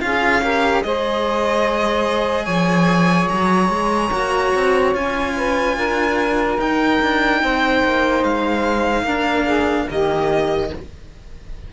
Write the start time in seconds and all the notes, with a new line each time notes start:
0.00 C#4 F4 G#4 F5
0.41 G4 A#4
0.82 G#3 G#4 C5 D#5
2.43 F3 C#5 G#5
3.28 F#3 A#5
3.69 G#3
4.12 A#3 F#4
4.54 C4
4.93 C#4 F4 G#5
5.36 B4
5.76 D4 A#4
6.58 D#4 G5
7.01 D4
7.42 C4 C5
7.84 A#3
8.23 G#3 F5
9.03 A#3 D4 A#4
9.44 G#4
9.88 D#3 A#3 G4 D#5